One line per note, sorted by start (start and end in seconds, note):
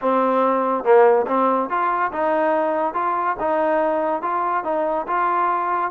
0.01 0.84 C4
0.84 1.26 A#3
1.27 1.69 C4
1.69 2.11 F4
2.12 2.94 D#4
2.94 3.36 F4
3.39 4.22 D#4
4.22 4.64 F4
4.64 5.06 D#4
5.07 5.91 F4